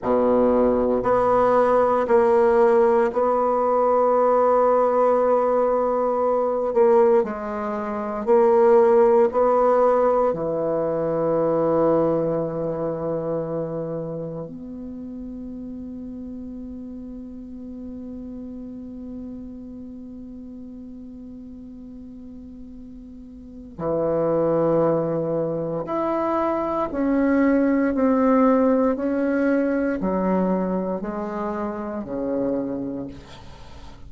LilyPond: \new Staff \with { instrumentName = "bassoon" } { \time 4/4 \tempo 4 = 58 b,4 b4 ais4 b4~ | b2~ b8 ais8 gis4 | ais4 b4 e2~ | e2 b2~ |
b1~ | b2. e4~ | e4 e'4 cis'4 c'4 | cis'4 fis4 gis4 cis4 | }